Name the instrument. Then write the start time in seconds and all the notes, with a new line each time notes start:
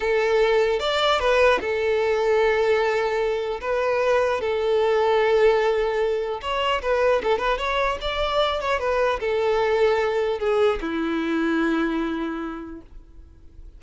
violin
0.00 A4
0.79 D5
1.19 B4
1.60 A4
3.60 B4
4.41 A4
6.41 C#5
6.82 B4
7.23 A4
7.38 B4
7.58 C#5
8.01 D5
8.61 C#5
8.79 B4
9.20 A4
10.39 G#4
10.81 E4